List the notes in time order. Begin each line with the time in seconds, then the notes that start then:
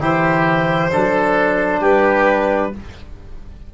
0.00 E3 E4 G4 C5
0.91 F#3 D4 A4
1.81 G3 G4 B4